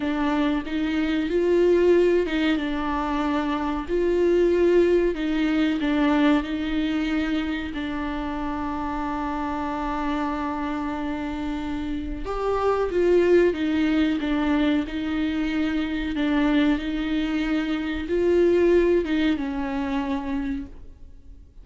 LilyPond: \new Staff \with { instrumentName = "viola" } { \time 4/4 \tempo 4 = 93 d'4 dis'4 f'4. dis'8 | d'2 f'2 | dis'4 d'4 dis'2 | d'1~ |
d'2. g'4 | f'4 dis'4 d'4 dis'4~ | dis'4 d'4 dis'2 | f'4. dis'8 cis'2 | }